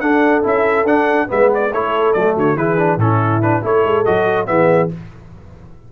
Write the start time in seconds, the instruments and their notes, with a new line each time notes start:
0.00 trombone D4, tuba D4, horn A4, trumpet F#5
0.43 tuba C#4, trombone E4, trumpet E5
0.84 tuba D4, trombone D4, trumpet F#5
1.27 tuba G#3, trombone B3, horn B4, trumpet E5
1.55 trumpet D5
1.70 tuba A3, trombone E4, horn A4, trumpet C#5
2.13 tuba F#3, trombone A3, trumpet D5
2.36 tuba D3, horn F#4, trumpet C#5
2.55 tuba E3, trombone E4, horn G#4, trumpet B4
2.78 trombone D4
2.97 tuba A2, trombone C#4, horn E4, trumpet A4
3.42 trombone D4, trumpet B4
3.62 tuba A3, trombone E4, horn A4, trumpet C#5
3.85 tuba G#3
4.05 tuba F#3, trombone F#4, trumpet D#5
4.46 tuba E3, trombone B3, horn G#4, trumpet E5